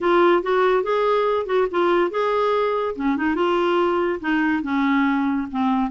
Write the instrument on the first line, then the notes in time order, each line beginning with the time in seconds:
clarinet
0.00 F4
0.42 F#4
0.83 G#4
1.46 F#4
1.70 F4
2.10 G#4
2.95 C#4
3.16 D#4
3.35 F4
4.20 D#4
4.63 C#4
5.51 C4